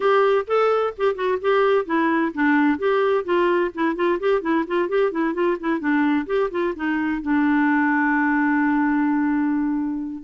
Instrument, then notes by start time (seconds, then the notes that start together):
clarinet
0.00 G4
0.47 A4
0.97 G4
1.15 F#4
1.41 G4
1.85 E4
2.34 D4
2.78 G4
3.24 F4
3.74 E4
3.95 F4
4.19 G4
4.41 E4
4.67 F4
4.88 G4
5.11 E4
5.34 F4
5.59 E4
5.79 D4
6.26 G4
6.51 F4
6.75 D#4
7.22 D4